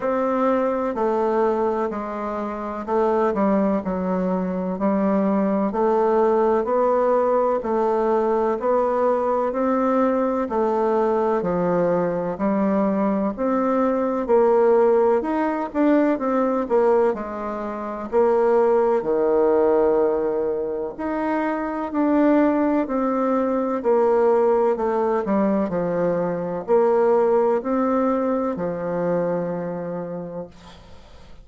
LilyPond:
\new Staff \with { instrumentName = "bassoon" } { \time 4/4 \tempo 4 = 63 c'4 a4 gis4 a8 g8 | fis4 g4 a4 b4 | a4 b4 c'4 a4 | f4 g4 c'4 ais4 |
dis'8 d'8 c'8 ais8 gis4 ais4 | dis2 dis'4 d'4 | c'4 ais4 a8 g8 f4 | ais4 c'4 f2 | }